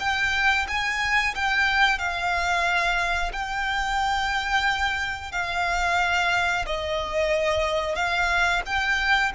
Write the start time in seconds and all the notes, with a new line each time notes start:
0.00 G5
0.68 G#5
1.35 G5
1.99 F5
3.33 G5
5.32 F5
6.67 D#5
7.95 F5
8.66 G5